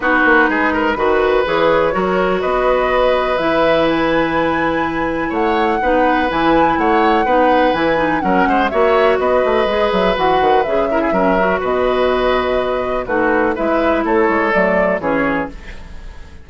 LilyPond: <<
  \new Staff \with { instrumentName = "flute" } { \time 4/4 \tempo 4 = 124 b'2. cis''4~ | cis''4 dis''2 e''4 | gis''2. fis''4~ | fis''4 gis''4 fis''2 |
gis''4 fis''4 e''4 dis''4~ | dis''8 e''8 fis''4 e''2 | dis''2. b'4 | e''4 cis''4 d''4 cis''4 | }
  \new Staff \with { instrumentName = "oboe" } { \time 4/4 fis'4 gis'8 ais'8 b'2 | ais'4 b'2.~ | b'2. cis''4 | b'2 cis''4 b'4~ |
b'4 ais'8 c''8 cis''4 b'4~ | b'2~ b'8 ais'16 gis'16 ais'4 | b'2. fis'4 | b'4 a'2 gis'4 | }
  \new Staff \with { instrumentName = "clarinet" } { \time 4/4 dis'2 fis'4 gis'4 | fis'2. e'4~ | e'1 | dis'4 e'2 dis'4 |
e'8 dis'8 cis'4 fis'2 | gis'4 fis'4 gis'8 e'8 cis'8 fis'8~ | fis'2. dis'4 | e'2 a4 cis'4 | }
  \new Staff \with { instrumentName = "bassoon" } { \time 4/4 b8 ais8 gis4 dis4 e4 | fis4 b2 e4~ | e2. a4 | b4 e4 a4 b4 |
e4 fis8 gis8 ais4 b8 a8 | gis8 fis8 e8 dis8 cis4 fis4 | b,2. a4 | gis4 a8 gis8 fis4 e4 | }
>>